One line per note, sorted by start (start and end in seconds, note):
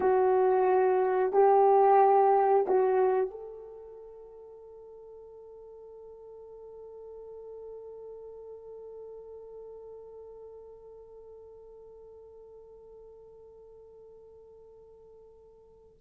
0.00 1.32 F#4
1.32 2.66 G4
2.67 3.30 F#4
3.30 15.97 A4